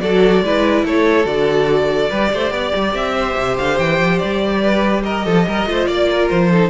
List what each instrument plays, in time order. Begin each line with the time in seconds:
0.00 cello F#3, viola F#4, violin A4 D5
0.42 cello G#3, viola E4, violin B4
0.84 cello A3, violin A4 C#5
1.24 cello D3, viola F#4, violin D5
2.10 cello G3, viola G4, violin B4
2.33 cello A3, violin C5
2.50 cello B3, violin D5
2.75 cello G3
2.93 cello C4, violin E5
3.15 violin C5
3.37 cello C3
3.58 cello D3, violin F5
3.78 cello E3, violin G5
3.99 cello F3
4.18 cello G3, violin D5
4.61 violin B4
5.03 violin A#4 D#5
5.25 cello F3, violin A4
5.47 cello G3, violin A#4
5.66 cello A3, viola F4, violin C5
5.86 cello A#3, violin D5
6.10 violin A#4
6.29 cello F3, violin C5
6.51 viola D#4, violin A4